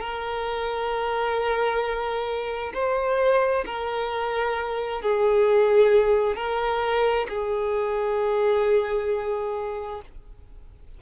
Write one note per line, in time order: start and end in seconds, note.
0.00 2.73 A#4
2.74 3.64 C5
3.66 5.02 A#4
5.02 6.36 G#4
6.36 7.27 A#4
7.29 10.01 G#4